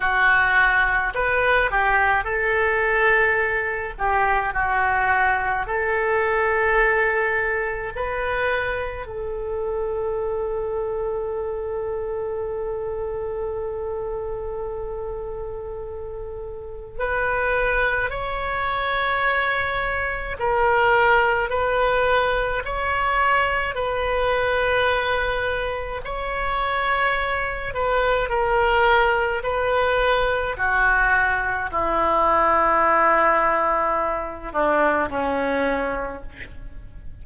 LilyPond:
\new Staff \with { instrumentName = "oboe" } { \time 4/4 \tempo 4 = 53 fis'4 b'8 g'8 a'4. g'8 | fis'4 a'2 b'4 | a'1~ | a'2. b'4 |
cis''2 ais'4 b'4 | cis''4 b'2 cis''4~ | cis''8 b'8 ais'4 b'4 fis'4 | e'2~ e'8 d'8 cis'4 | }